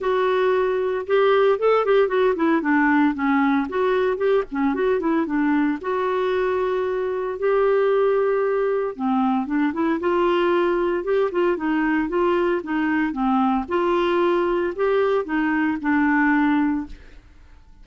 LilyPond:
\new Staff \with { instrumentName = "clarinet" } { \time 4/4 \tempo 4 = 114 fis'2 g'4 a'8 g'8 | fis'8 e'8 d'4 cis'4 fis'4 | g'8 cis'8 fis'8 e'8 d'4 fis'4~ | fis'2 g'2~ |
g'4 c'4 d'8 e'8 f'4~ | f'4 g'8 f'8 dis'4 f'4 | dis'4 c'4 f'2 | g'4 dis'4 d'2 | }